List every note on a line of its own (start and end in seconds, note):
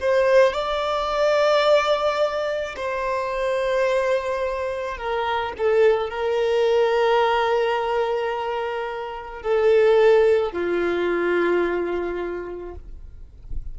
0.00 0.53 C5
0.53 2.75 D5
2.76 4.97 C5
4.97 5.53 A#4
5.57 6.10 A4
6.10 9.42 A#4
9.42 10.52 A4
10.52 12.74 F4